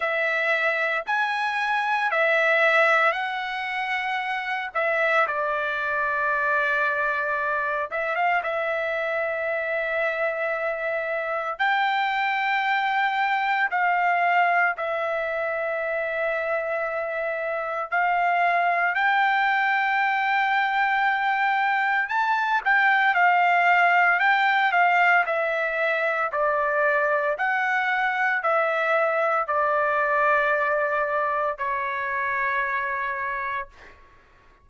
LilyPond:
\new Staff \with { instrumentName = "trumpet" } { \time 4/4 \tempo 4 = 57 e''4 gis''4 e''4 fis''4~ | fis''8 e''8 d''2~ d''8 e''16 f''16 | e''2. g''4~ | g''4 f''4 e''2~ |
e''4 f''4 g''2~ | g''4 a''8 g''8 f''4 g''8 f''8 | e''4 d''4 fis''4 e''4 | d''2 cis''2 | }